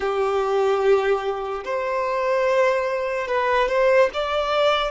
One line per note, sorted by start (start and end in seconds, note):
0.00 1.64 G4
1.64 3.27 C5
3.27 3.68 B4
3.68 4.09 C5
4.13 4.91 D5